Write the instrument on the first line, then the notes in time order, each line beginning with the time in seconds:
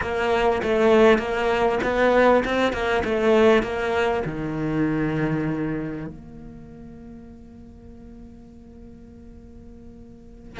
cello
0.01 A#3
0.63 A3
1.18 A#3
1.83 B3
2.44 C4
2.72 A#3
3.04 A3
3.62 A#3
4.25 D#3
6.07 A#3